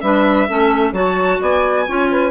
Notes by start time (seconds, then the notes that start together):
0.00 G3 D4 B4 E5
0.47 A3 C#4 A4
0.92 F#3 F#4 C#5 A5
1.40 B3 D5 G#5
1.86 C#4 F4 C#5
2.10 B4